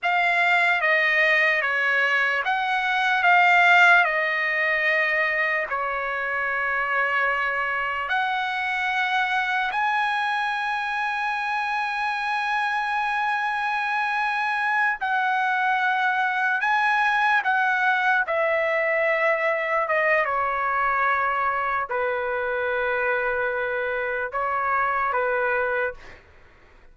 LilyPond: \new Staff \with { instrumentName = "trumpet" } { \time 4/4 \tempo 4 = 74 f''4 dis''4 cis''4 fis''4 | f''4 dis''2 cis''4~ | cis''2 fis''2 | gis''1~ |
gis''2~ gis''8 fis''4.~ | fis''8 gis''4 fis''4 e''4.~ | e''8 dis''8 cis''2 b'4~ | b'2 cis''4 b'4 | }